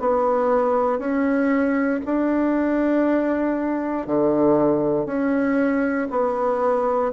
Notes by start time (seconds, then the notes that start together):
0.00 B3
0.98 C#4
2.05 D4
4.07 D3
5.06 C#4
6.10 B3